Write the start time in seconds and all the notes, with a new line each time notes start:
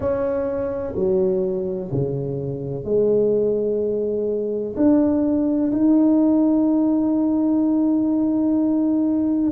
0.00 C#4
0.95 F#3
1.91 C#3
2.84 G#3
4.76 D4
5.71 D#4